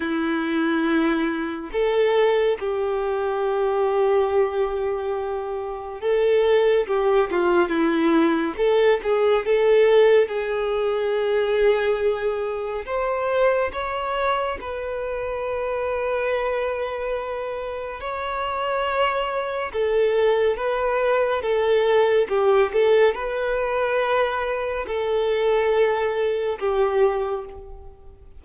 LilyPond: \new Staff \with { instrumentName = "violin" } { \time 4/4 \tempo 4 = 70 e'2 a'4 g'4~ | g'2. a'4 | g'8 f'8 e'4 a'8 gis'8 a'4 | gis'2. c''4 |
cis''4 b'2.~ | b'4 cis''2 a'4 | b'4 a'4 g'8 a'8 b'4~ | b'4 a'2 g'4 | }